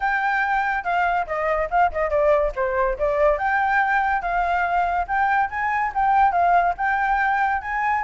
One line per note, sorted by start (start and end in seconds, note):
0.00 0.83 G5
0.83 1.26 F5
1.26 1.69 D#5
1.70 1.91 F5
1.91 2.10 D#5
2.10 2.52 D5
2.55 2.97 C5
2.98 3.37 D5
3.37 4.22 G5
4.22 5.06 F5
5.07 5.49 G5
5.49 5.92 G#5
5.94 6.31 G5
6.31 6.74 F5
6.77 7.61 G5
7.61 8.03 G#5